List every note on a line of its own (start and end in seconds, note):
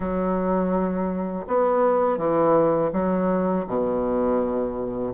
0.00 1.46 F#3
1.47 2.18 B3
2.18 2.91 E3
2.92 3.66 F#3
3.67 5.13 B2